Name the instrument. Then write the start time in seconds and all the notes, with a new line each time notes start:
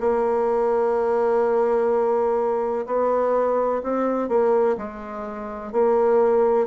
bassoon
0.00 A#3
2.86 B3
3.83 C4
4.29 A#3
4.77 G#3
5.72 A#3